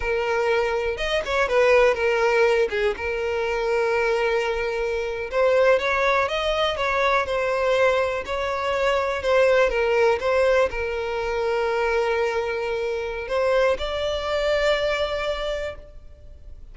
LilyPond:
\new Staff \with { instrumentName = "violin" } { \time 4/4 \tempo 4 = 122 ais'2 dis''8 cis''8 b'4 | ais'4. gis'8 ais'2~ | ais'2~ ais'8. c''4 cis''16~ | cis''8. dis''4 cis''4 c''4~ c''16~ |
c''8. cis''2 c''4 ais'16~ | ais'8. c''4 ais'2~ ais'16~ | ais'2. c''4 | d''1 | }